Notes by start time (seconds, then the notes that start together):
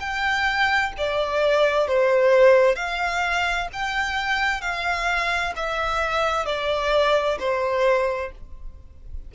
0.00 G5
0.97 D5
1.88 C5
2.76 F5
3.73 G5
4.61 F5
5.56 E5
6.45 D5
7.39 C5